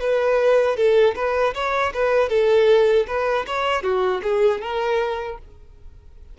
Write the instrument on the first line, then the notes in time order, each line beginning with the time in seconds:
violin
0.00 B4
0.77 A4
1.16 B4
1.55 C#5
1.94 B4
2.29 A4
3.07 B4
3.47 C#5
3.83 F#4
4.23 G#4
4.61 A#4